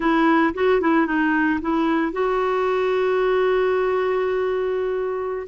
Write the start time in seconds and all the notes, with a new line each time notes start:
0.00 E4
0.54 F#4
0.80 E4
1.06 D#4
1.61 E4
2.12 F#4